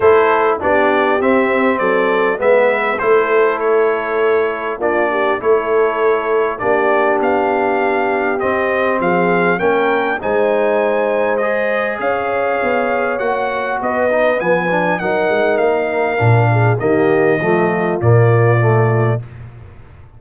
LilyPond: <<
  \new Staff \with { instrumentName = "trumpet" } { \time 4/4 \tempo 4 = 100 c''4 d''4 e''4 d''4 | e''4 c''4 cis''2 | d''4 cis''2 d''4 | f''2 dis''4 f''4 |
g''4 gis''2 dis''4 | f''2 fis''4 dis''4 | gis''4 fis''4 f''2 | dis''2 d''2 | }
  \new Staff \with { instrumentName = "horn" } { \time 4/4 a'4 g'2 a'4 | b'4 a'2. | f'8 g'8 a'2 g'4~ | g'2. gis'4 |
ais'4 c''2. | cis''2. b'4~ | b'4 ais'2~ ais'8 gis'8 | g'4 f'2. | }
  \new Staff \with { instrumentName = "trombone" } { \time 4/4 e'4 d'4 c'2 | b4 e'2. | d'4 e'2 d'4~ | d'2 c'2 |
cis'4 dis'2 gis'4~ | gis'2 fis'4. dis'8 | b8 d'8 dis'2 d'4 | ais4 a4 ais4 a4 | }
  \new Staff \with { instrumentName = "tuba" } { \time 4/4 a4 b4 c'4 fis4 | gis4 a2. | ais4 a2 ais4 | b2 c'4 f4 |
ais4 gis2. | cis'4 b4 ais4 b4 | f4 fis8 gis8 ais4 ais,4 | dis4 f4 ais,2 | }
>>